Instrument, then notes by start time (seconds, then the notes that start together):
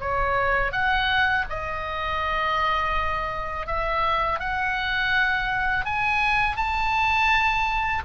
oboe
0.00 C#5
0.72 F#5
1.50 D#5
3.67 E5
4.39 F#5
5.85 G#5
6.56 A5